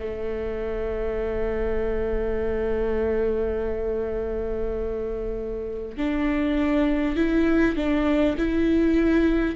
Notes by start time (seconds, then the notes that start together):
0.00 A3
5.98 D4
7.17 E4
7.76 D4
8.38 E4